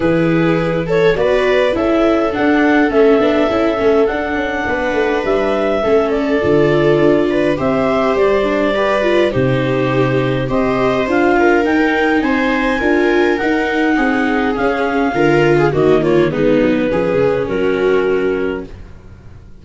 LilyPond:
<<
  \new Staff \with { instrumentName = "clarinet" } { \time 4/4 \tempo 4 = 103 b'4. cis''8 d''4 e''4 | fis''4 e''2 fis''4~ | fis''4 e''4. d''4.~ | d''4 e''4 d''2 |
c''2 dis''4 f''4 | g''4 gis''2 fis''4~ | fis''4 f''2 dis''8 cis''8 | b'2 ais'2 | }
  \new Staff \with { instrumentName = "viola" } { \time 4/4 gis'4. a'8 b'4 a'4~ | a'1 | b'2 a'2~ | a'8 b'8 c''2 b'4 |
g'2 c''4. ais'8~ | ais'4 c''4 ais'2 | gis'2 ais'8. gis'16 fis'8 f'8 | dis'4 gis'4 fis'2 | }
  \new Staff \with { instrumentName = "viola" } { \time 4/4 e'2 fis'4 e'4 | d'4 cis'8 d'8 e'8 cis'8 d'4~ | d'2 cis'4 f'4~ | f'4 g'4. d'8 g'8 f'8 |
dis'2 g'4 f'4 | dis'2 f'4 dis'4~ | dis'4 cis'4 f'4 ais4 | b4 cis'2. | }
  \new Staff \with { instrumentName = "tuba" } { \time 4/4 e2 b4 cis'4 | d'4 a8 b8 cis'8 a8 d'8 cis'8 | b8 a8 g4 a4 d4 | d'4 c'4 g2 |
c2 c'4 d'4 | dis'4 c'4 d'4 dis'4 | c'4 cis'4 d4 dis4 | gis8 fis8 f8 cis8 fis2 | }
>>